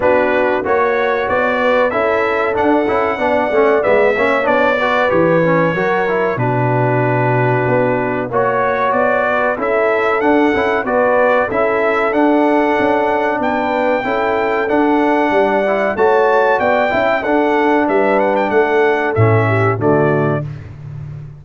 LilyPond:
<<
  \new Staff \with { instrumentName = "trumpet" } { \time 4/4 \tempo 4 = 94 b'4 cis''4 d''4 e''4 | fis''2 e''4 d''4 | cis''2 b'2~ | b'4 cis''4 d''4 e''4 |
fis''4 d''4 e''4 fis''4~ | fis''4 g''2 fis''4~ | fis''4 a''4 g''4 fis''4 | e''8 fis''16 g''16 fis''4 e''4 d''4 | }
  \new Staff \with { instrumentName = "horn" } { \time 4/4 fis'4 cis''4. b'8 a'4~ | a'4 d''4. cis''4 b'8~ | b'4 ais'4 fis'2~ | fis'4 cis''4. b'8 a'4~ |
a'4 b'4 a'2~ | a'4 b'4 a'2 | d''4 cis''4 d''8 e''8 a'4 | b'4 a'4. g'8 fis'4 | }
  \new Staff \with { instrumentName = "trombone" } { \time 4/4 d'4 fis'2 e'4 | d'8 e'8 d'8 cis'8 b8 cis'8 d'8 fis'8 | g'8 cis'8 fis'8 e'8 d'2~ | d'4 fis'2 e'4 |
d'8 e'8 fis'4 e'4 d'4~ | d'2 e'4 d'4~ | d'8 e'8 fis'4. e'8 d'4~ | d'2 cis'4 a4 | }
  \new Staff \with { instrumentName = "tuba" } { \time 4/4 b4 ais4 b4 cis'4 | d'8 cis'8 b8 a8 gis8 ais8 b4 | e4 fis4 b,2 | b4 ais4 b4 cis'4 |
d'8 cis'8 b4 cis'4 d'4 | cis'4 b4 cis'4 d'4 | g4 a4 b8 cis'8 d'4 | g4 a4 a,4 d4 | }
>>